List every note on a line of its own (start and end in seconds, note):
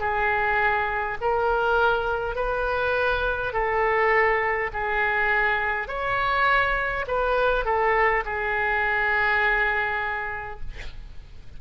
0.00 1.18 G#4
1.21 2.36 A#4
2.36 3.53 B4
3.53 4.71 A4
4.73 5.88 G#4
5.88 7.06 C#5
7.07 7.65 B4
7.65 8.24 A4
8.25 10.60 G#4